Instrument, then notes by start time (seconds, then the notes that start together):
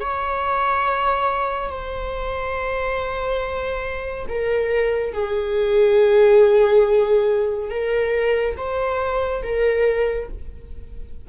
viola
0.00 C#5
1.69 C5
4.28 A#4
5.13 G#4
7.70 A#4
8.57 C5
9.42 A#4